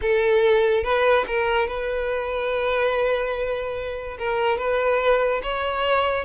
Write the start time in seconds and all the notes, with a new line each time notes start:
0.01 A4
0.83 B4
1.27 A#4
1.67 B4
4.18 A#4
4.57 B4
5.42 C#5